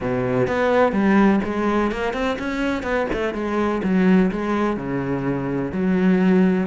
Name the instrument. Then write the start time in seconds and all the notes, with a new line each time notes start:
cello
0.00 B2
0.47 B3
0.92 G3
1.44 G#3
1.91 A#3
2.13 C4
2.39 C#4
2.82 B3
3.12 A3
3.34 G#3
3.83 F#3
4.31 G#3
4.76 C#3
5.71 F#3